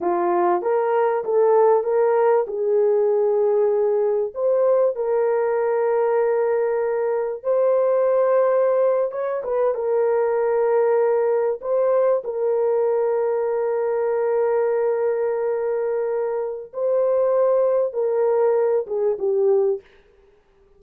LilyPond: \new Staff \with { instrumentName = "horn" } { \time 4/4 \tempo 4 = 97 f'4 ais'4 a'4 ais'4 | gis'2. c''4 | ais'1 | c''2~ c''8. cis''8 b'8 ais'16~ |
ais'2~ ais'8. c''4 ais'16~ | ais'1~ | ais'2. c''4~ | c''4 ais'4. gis'8 g'4 | }